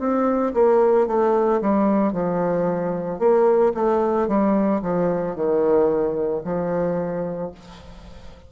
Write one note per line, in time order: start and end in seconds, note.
0.00 0.54 C4
0.54 1.08 A#3
1.08 1.61 A3
1.62 2.13 G3
2.13 3.19 F3
3.19 3.73 A#3
3.75 4.29 A3
4.29 4.82 G3
4.83 5.36 F3
5.36 6.43 D#3
6.45 7.52 F3